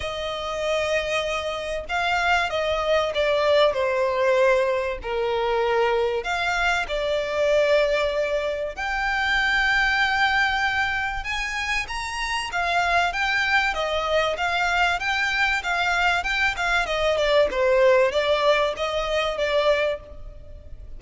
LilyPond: \new Staff \with { instrumentName = "violin" } { \time 4/4 \tempo 4 = 96 dis''2. f''4 | dis''4 d''4 c''2 | ais'2 f''4 d''4~ | d''2 g''2~ |
g''2 gis''4 ais''4 | f''4 g''4 dis''4 f''4 | g''4 f''4 g''8 f''8 dis''8 d''8 | c''4 d''4 dis''4 d''4 | }